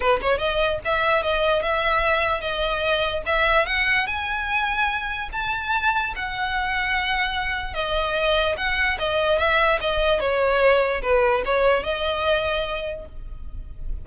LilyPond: \new Staff \with { instrumentName = "violin" } { \time 4/4 \tempo 4 = 147 b'8 cis''8 dis''4 e''4 dis''4 | e''2 dis''2 | e''4 fis''4 gis''2~ | gis''4 a''2 fis''4~ |
fis''2. dis''4~ | dis''4 fis''4 dis''4 e''4 | dis''4 cis''2 b'4 | cis''4 dis''2. | }